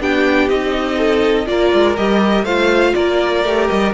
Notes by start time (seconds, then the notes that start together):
0.00 B3 D4 G4 G5
0.49 C4 D#4 D#5
0.97 A4
1.46 A#3 F4 A#4 D5
1.73 G#3
1.96 G3 G4 D#5
2.43 A3 F4 C5 F5
2.94 A#3 A#4 D5
3.44 A3 G4
3.68 G3 D#5